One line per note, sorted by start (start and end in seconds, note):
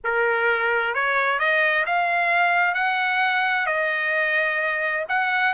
0.04 0.94 A#4
0.94 1.39 C#5
1.39 1.85 D#5
1.85 2.74 F5
2.74 3.66 F#5
3.66 5.05 D#5
5.09 5.53 F#5